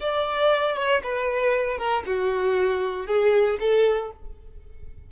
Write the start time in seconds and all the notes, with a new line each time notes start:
0.00 D5
0.76 C#5
1.03 B4
1.77 A#4
2.06 F#4
3.06 G#4
3.60 A4